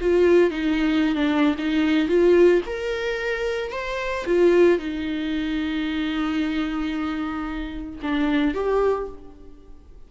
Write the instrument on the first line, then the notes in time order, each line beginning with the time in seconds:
viola
0.00 F4
0.50 D#4
1.15 D4
1.58 D#4
2.08 F4
2.66 A#4
3.71 C5
4.26 F4
4.78 D#4
8.02 D4
8.54 G4